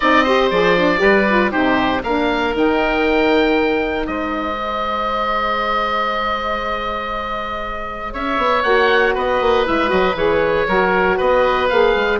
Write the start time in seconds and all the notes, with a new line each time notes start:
0.00 C4 D#4 D5 D#5
0.23 G4 C5
0.50 F3 G#4 D5
0.76 D4
0.98 G3 G4 B4
1.28 F4
1.51 C3 D#4 G4 C5
2.03 A#3 D4 A#4 F5
2.54 D#3 D#4 G5
4.06 G#3 C5 D#5
4.56 G#4
8.12 C#4 C#5 E5
8.37 B3
8.63 A#3 F#4 F#5
9.14 B3 B4 D#5
9.40 A#3
9.64 G#3 E4 E5
9.87 F#3 F#4 D#5
10.14 E3 G#4 C#5
10.67 F#3 F#4 A#4
11.17 B3 B4 D#5
11.69 A#3 G#4 F5
11.95 G#3